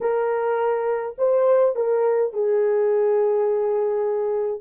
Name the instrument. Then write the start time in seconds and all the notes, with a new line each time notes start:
horn
0.00 A#4
1.17 C5
1.75 A#4
2.33 G#4